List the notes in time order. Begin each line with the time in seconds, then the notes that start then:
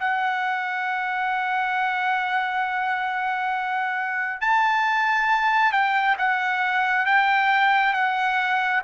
0.00 F#5
4.41 A5
5.73 G5
6.18 F#5
7.06 G5
7.94 F#5